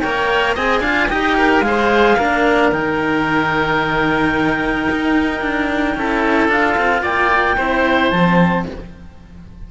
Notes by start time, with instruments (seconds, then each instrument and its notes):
0.00 cello A#3 A#4, oboe C#5, clarinet G5
0.55 cello C4 G#4, oboe D#5, clarinet G#5
0.81 cello D4 F4, oboe F5
1.08 cello D#4 G4, oboe D#5, clarinet G5
1.38 oboe A#4
1.60 cello G#3 G#4, clarinet F5
1.67 oboe C5
2.18 cello A#3 D4, oboe A#4
2.72 cello D#3 D#4, clarinet G5
4.90 cello D#4
5.41 cello D4
5.95 cello C#4 E4, oboe A4
6.48 cello D4 F4, clarinet F5
6.77 cello C4
7.02 cello A#3, oboe D5, clarinet G5
7.57 cello C4 E4, oboe C5
8.10 cello F3, clarinet A5
8.17 cello C4